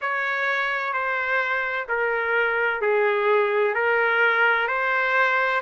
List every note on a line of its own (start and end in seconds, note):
0.01 0.93 C#5
0.93 1.87 C5
1.88 2.81 A#4
2.81 3.74 G#4
3.74 4.67 A#4
4.67 5.61 C5